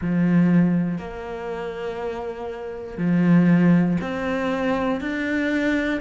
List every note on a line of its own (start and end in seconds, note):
0.00 0.98 F3
0.98 2.97 A#3
2.97 3.97 F3
4.00 5.00 C4
5.00 6.00 D4